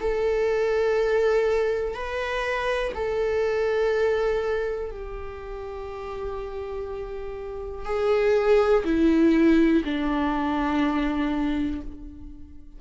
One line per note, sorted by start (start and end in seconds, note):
0.00 1.94 A4
1.94 2.92 B4
2.94 4.90 A4
4.90 7.85 G4
7.85 8.83 G#4
8.84 9.83 E4
9.84 11.81 D4